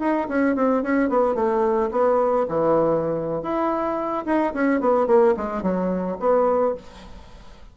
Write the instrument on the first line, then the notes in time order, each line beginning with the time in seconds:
bassoon
0.00 D#4
0.29 C#4
0.56 C4
0.83 C#4
1.10 B3
1.35 A3
1.92 B3
2.49 E3
3.43 E4
4.26 D#4
4.54 C#4
4.81 B3
5.07 A#3
5.37 G#3
5.63 F#3
6.20 B3